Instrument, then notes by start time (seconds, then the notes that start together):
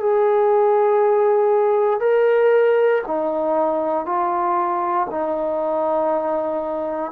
trombone
0.00 G#4
2.00 A#4
3.07 D#4
4.06 F4
5.11 D#4